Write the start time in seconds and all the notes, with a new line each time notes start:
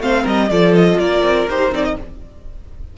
0.00 A3 C4 C5 F5
0.23 G3 A#4 D#5
0.50 F3 F4 A4 D5
0.75 D#5
0.99 A#3 A#4 D5
1.23 C4
1.48 D#4 G4 C5
1.71 C4 D#4 D5
1.84 D#5